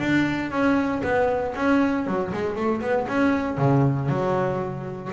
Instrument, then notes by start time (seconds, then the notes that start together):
double bass
0.00 D4
0.51 C#4
1.03 B3
1.56 C#4
2.07 F#3
2.34 G#3
2.56 A3
2.82 B3
3.09 C#4
3.58 C#3
4.09 F#3